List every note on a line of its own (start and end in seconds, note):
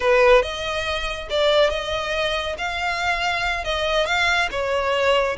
0.00 0.42 B4
0.42 1.28 D#5
1.30 1.70 D5
1.70 2.55 D#5
2.57 3.64 F5
3.64 4.06 D#5
4.06 4.49 F5
4.51 5.36 C#5